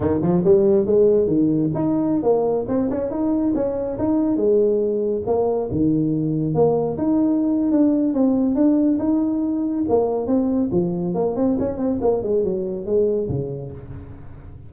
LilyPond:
\new Staff \with { instrumentName = "tuba" } { \time 4/4 \tempo 4 = 140 dis8 f8 g4 gis4 dis4 | dis'4~ dis'16 ais4 c'8 cis'8 dis'8.~ | dis'16 cis'4 dis'4 gis4.~ gis16~ | gis16 ais4 dis2 ais8.~ |
ais16 dis'4.~ dis'16 d'4 c'4 | d'4 dis'2 ais4 | c'4 f4 ais8 c'8 cis'8 c'8 | ais8 gis8 fis4 gis4 cis4 | }